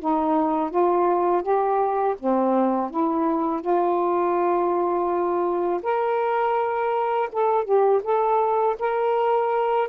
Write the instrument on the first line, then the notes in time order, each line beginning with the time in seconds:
saxophone
0.00 D#4
0.71 F4
1.43 G4
2.20 C4
2.91 E4
3.62 F4
5.83 A#4
7.33 A4
7.65 G4
8.04 A4
8.79 A#4